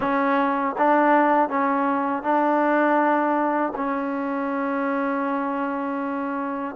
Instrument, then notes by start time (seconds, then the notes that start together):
trombone
0.00 C#4
0.78 D4
1.49 C#4
2.22 D4
3.75 C#4